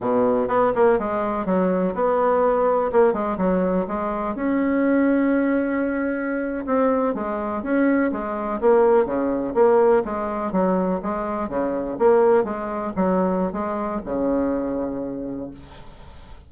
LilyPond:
\new Staff \with { instrumentName = "bassoon" } { \time 4/4 \tempo 4 = 124 b,4 b8 ais8 gis4 fis4 | b2 ais8 gis8 fis4 | gis4 cis'2.~ | cis'4.~ cis'16 c'4 gis4 cis'16~ |
cis'8. gis4 ais4 cis4 ais16~ | ais8. gis4 fis4 gis4 cis16~ | cis8. ais4 gis4 fis4~ fis16 | gis4 cis2. | }